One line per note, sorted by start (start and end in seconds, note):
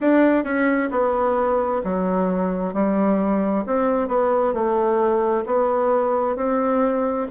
0.00 0.43 D4
0.43 0.89 C#4
0.90 1.81 B3
1.83 2.73 F#3
2.73 3.64 G3
3.66 4.08 C4
4.08 4.53 B3
4.53 5.44 A3
5.45 6.36 B3
6.36 7.27 C4